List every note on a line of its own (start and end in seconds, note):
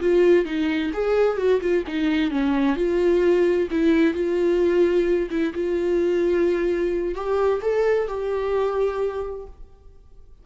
0.00 0.45 F4
0.45 0.91 D#4
0.93 1.37 G#4
1.37 1.60 F#4
1.60 1.84 F4
1.87 2.31 D#4
2.31 2.76 C#4
2.76 3.68 F4
3.70 4.13 E4
4.13 5.29 F4
5.30 5.53 E4
5.54 7.14 F4
7.14 7.60 G4
7.61 8.07 A4
8.07 9.46 G4